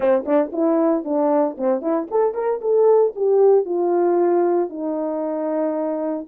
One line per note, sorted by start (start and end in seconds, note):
0.00 0.25 C4
0.25 0.51 D4
0.52 1.04 E4
1.04 1.56 D4
1.57 1.81 C4
1.81 2.07 E4
2.10 2.34 A4
2.34 2.60 A#4
2.61 3.13 A4
3.15 3.65 G4
3.65 4.69 F4
4.69 6.26 D#4